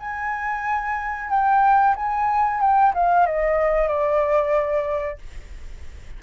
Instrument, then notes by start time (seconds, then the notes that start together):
flute
0.00 G#5
1.30 G5
1.96 G#5
2.61 G5
2.94 F5
3.26 D#5
3.88 D5